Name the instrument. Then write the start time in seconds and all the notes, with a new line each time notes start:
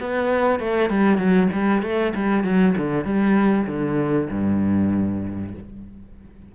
cello
0.00 B3
0.60 A3
0.89 G3
1.17 F#3
1.52 G3
1.82 A3
2.15 G3
2.44 F#3
2.77 D3
3.04 G3
3.67 D3
4.30 G2